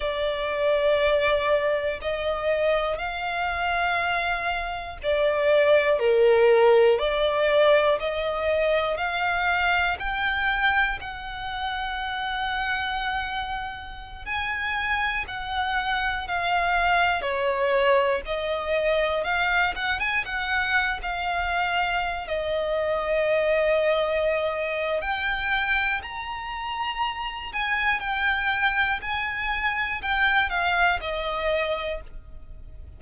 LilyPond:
\new Staff \with { instrumentName = "violin" } { \time 4/4 \tempo 4 = 60 d''2 dis''4 f''4~ | f''4 d''4 ais'4 d''4 | dis''4 f''4 g''4 fis''4~ | fis''2~ fis''16 gis''4 fis''8.~ |
fis''16 f''4 cis''4 dis''4 f''8 fis''16 | gis''16 fis''8. f''4~ f''16 dis''4.~ dis''16~ | dis''4 g''4 ais''4. gis''8 | g''4 gis''4 g''8 f''8 dis''4 | }